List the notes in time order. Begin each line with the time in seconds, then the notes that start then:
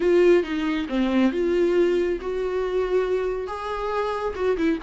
0.00 F4
0.43 D#4
0.89 C4
1.32 F4
2.20 F#4
3.47 G#4
4.35 F#4
4.57 E4